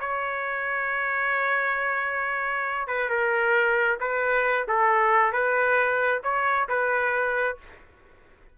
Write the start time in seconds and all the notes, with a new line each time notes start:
0.00 C#5
2.87 B4
3.09 A#4
4.00 B4
4.68 A4
5.32 B4
6.23 C#5
6.68 B4